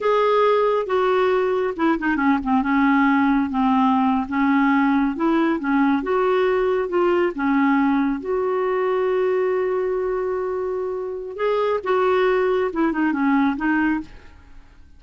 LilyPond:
\new Staff \with { instrumentName = "clarinet" } { \time 4/4 \tempo 4 = 137 gis'2 fis'2 | e'8 dis'8 cis'8 c'8 cis'2 | c'4.~ c'16 cis'2 e'16~ | e'8. cis'4 fis'2 f'16~ |
f'8. cis'2 fis'4~ fis'16~ | fis'1~ | fis'2 gis'4 fis'4~ | fis'4 e'8 dis'8 cis'4 dis'4 | }